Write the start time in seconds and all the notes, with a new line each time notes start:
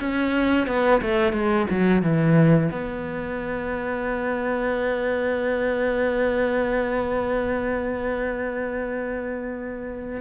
0.00 C#4
0.67 B3
1.02 A3
1.33 G#3
1.70 F#3
2.02 E3
2.71 B3